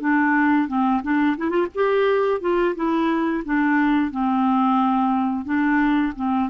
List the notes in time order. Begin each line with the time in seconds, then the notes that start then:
0.00 D4
0.68 C4
1.02 D4
1.37 E4
1.49 F4
1.74 G4
2.40 F4
2.75 E4
3.45 D4
4.11 C4
5.45 D4
6.15 C4